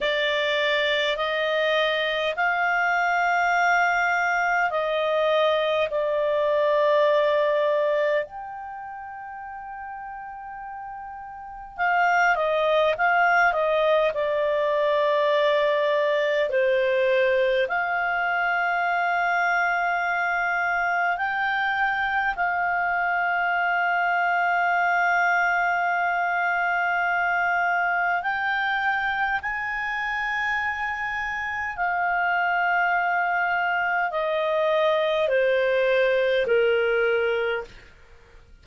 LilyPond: \new Staff \with { instrumentName = "clarinet" } { \time 4/4 \tempo 4 = 51 d''4 dis''4 f''2 | dis''4 d''2 g''4~ | g''2 f''8 dis''8 f''8 dis''8 | d''2 c''4 f''4~ |
f''2 g''4 f''4~ | f''1 | g''4 gis''2 f''4~ | f''4 dis''4 c''4 ais'4 | }